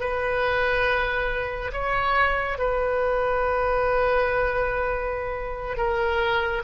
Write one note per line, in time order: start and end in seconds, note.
0.00 1.71 B4
1.73 2.58 C#5
2.58 5.77 B4
5.77 6.62 A#4